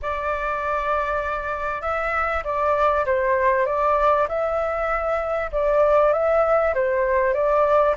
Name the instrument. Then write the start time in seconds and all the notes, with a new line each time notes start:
flute
0.01 D5
1.81 E5
2.44 D5
3.05 C5
3.65 D5
4.28 E5
5.51 D5
6.12 E5
6.74 C5
7.34 D5